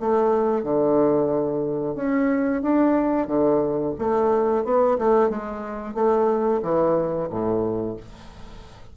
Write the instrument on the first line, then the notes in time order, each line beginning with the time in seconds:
bassoon
0.00 A3
0.63 D3
1.95 C#4
2.62 D4
3.27 D3
3.98 A3
4.64 B3
4.98 A3
5.29 G#3
5.94 A3
6.62 E3
7.29 A2